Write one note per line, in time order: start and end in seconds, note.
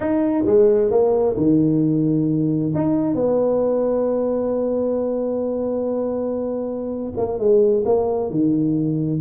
0.00 0.44 D#4
0.45 0.90 G#3
0.90 1.36 A#3
1.37 2.73 D#3
2.74 3.15 D#4
3.15 7.12 B3
7.17 7.38 A#3
7.38 7.84 G#3
7.85 8.30 A#3
8.30 9.20 D#3